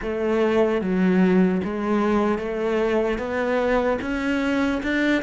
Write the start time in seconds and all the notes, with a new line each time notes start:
0.01 A3
0.81 F#3
1.64 G#3
2.38 A3
3.18 B3
4.01 C#4
4.82 D4